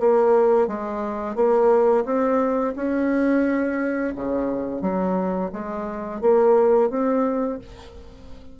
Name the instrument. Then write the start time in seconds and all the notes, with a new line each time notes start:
bassoon
0.00 A#3
0.67 G#3
1.35 A#3
2.05 C4
2.76 C#4
4.15 C#3
4.82 F#3
5.53 G#3
6.21 A#3
6.90 C4